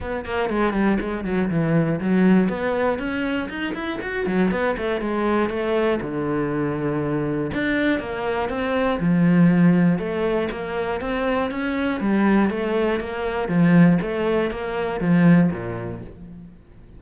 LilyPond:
\new Staff \with { instrumentName = "cello" } { \time 4/4 \tempo 4 = 120 b8 ais8 gis8 g8 gis8 fis8 e4 | fis4 b4 cis'4 dis'8 e'8 | fis'8 fis8 b8 a8 gis4 a4 | d2. d'4 |
ais4 c'4 f2 | a4 ais4 c'4 cis'4 | g4 a4 ais4 f4 | a4 ais4 f4 ais,4 | }